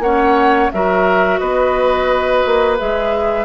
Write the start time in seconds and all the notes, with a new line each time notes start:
0.00 A#3 C#4 C#5 F#5
0.72 F#3 F#4 A#4 E5
1.39 B3 B4 D#5
2.46 A#3
2.78 G#3 G#4 E5